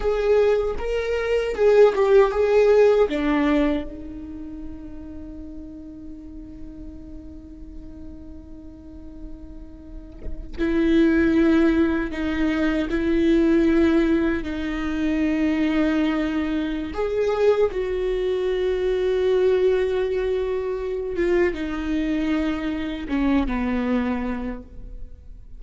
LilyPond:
\new Staff \with { instrumentName = "viola" } { \time 4/4 \tempo 4 = 78 gis'4 ais'4 gis'8 g'8 gis'4 | d'4 dis'2.~ | dis'1~ | dis'4.~ dis'16 e'2 dis'16~ |
dis'8. e'2 dis'4~ dis'16~ | dis'2 gis'4 fis'4~ | fis'2.~ fis'8 f'8 | dis'2 cis'8 b4. | }